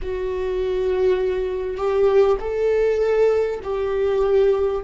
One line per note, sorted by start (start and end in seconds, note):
0.02 1.77 F#4
1.77 2.37 G4
2.40 3.60 A4
3.63 4.83 G4